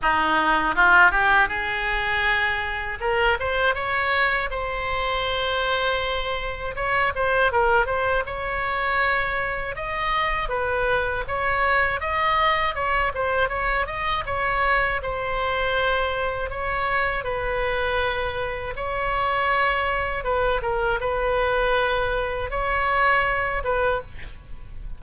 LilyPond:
\new Staff \with { instrumentName = "oboe" } { \time 4/4 \tempo 4 = 80 dis'4 f'8 g'8 gis'2 | ais'8 c''8 cis''4 c''2~ | c''4 cis''8 c''8 ais'8 c''8 cis''4~ | cis''4 dis''4 b'4 cis''4 |
dis''4 cis''8 c''8 cis''8 dis''8 cis''4 | c''2 cis''4 b'4~ | b'4 cis''2 b'8 ais'8 | b'2 cis''4. b'8 | }